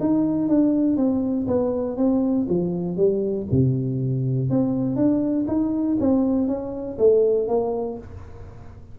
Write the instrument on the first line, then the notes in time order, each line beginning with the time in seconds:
tuba
0.00 D#4
0.48 D4
0.97 C4
1.47 B3
1.97 C4
2.49 F3
2.97 G3
3.51 C3
4.50 C4
4.96 D4
5.47 D#4
6.00 C4
6.48 C#4
6.98 A3
7.48 A#3